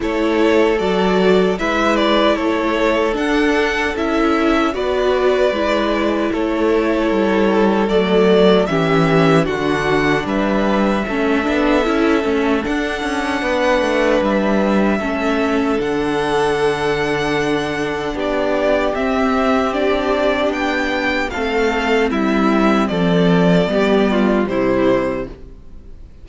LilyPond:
<<
  \new Staff \with { instrumentName = "violin" } { \time 4/4 \tempo 4 = 76 cis''4 d''4 e''8 d''8 cis''4 | fis''4 e''4 d''2 | cis''2 d''4 e''4 | fis''4 e''2. |
fis''2 e''2 | fis''2. d''4 | e''4 d''4 g''4 f''4 | e''4 d''2 c''4 | }
  \new Staff \with { instrumentName = "violin" } { \time 4/4 a'2 b'4 a'4~ | a'2 b'2 | a'2. g'4 | fis'4 b'4 a'2~ |
a'4 b'2 a'4~ | a'2. g'4~ | g'2. a'4 | e'4 a'4 g'8 f'8 e'4 | }
  \new Staff \with { instrumentName = "viola" } { \time 4/4 e'4 fis'4 e'2 | d'4 e'4 fis'4 e'4~ | e'2 a4 cis'4 | d'2 cis'8 d'8 e'8 cis'8 |
d'2. cis'4 | d'1 | c'4 d'2 c'4~ | c'2 b4 g4 | }
  \new Staff \with { instrumentName = "cello" } { \time 4/4 a4 fis4 gis4 a4 | d'4 cis'4 b4 gis4 | a4 g4 fis4 e4 | d4 g4 a8 b8 cis'8 a8 |
d'8 cis'8 b8 a8 g4 a4 | d2. b4 | c'2 b4 a4 | g4 f4 g4 c4 | }
>>